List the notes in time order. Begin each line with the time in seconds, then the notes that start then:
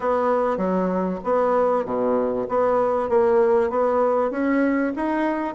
0.00 B3
0.57 F#3
1.24 B3
1.85 B2
2.49 B3
3.09 A#3
3.70 B3
4.30 C#4
4.95 D#4